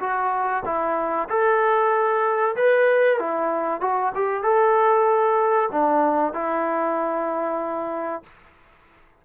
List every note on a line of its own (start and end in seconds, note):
0.00 0.63 F#4
0.65 1.28 E4
1.29 2.55 A4
2.56 3.19 B4
3.19 3.81 E4
3.81 4.13 F#4
4.15 4.43 G4
4.43 5.69 A4
5.72 6.34 D4
6.34 8.23 E4